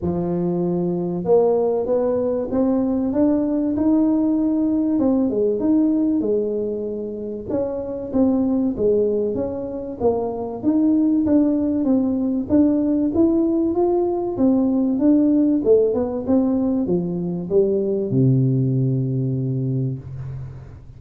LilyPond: \new Staff \with { instrumentName = "tuba" } { \time 4/4 \tempo 4 = 96 f2 ais4 b4 | c'4 d'4 dis'2 | c'8 gis8 dis'4 gis2 | cis'4 c'4 gis4 cis'4 |
ais4 dis'4 d'4 c'4 | d'4 e'4 f'4 c'4 | d'4 a8 b8 c'4 f4 | g4 c2. | }